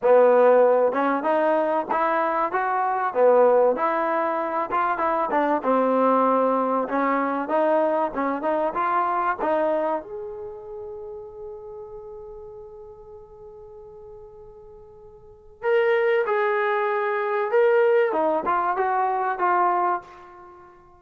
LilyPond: \new Staff \with { instrumentName = "trombone" } { \time 4/4 \tempo 4 = 96 b4. cis'8 dis'4 e'4 | fis'4 b4 e'4. f'8 | e'8 d'8 c'2 cis'4 | dis'4 cis'8 dis'8 f'4 dis'4 |
gis'1~ | gis'1~ | gis'4 ais'4 gis'2 | ais'4 dis'8 f'8 fis'4 f'4 | }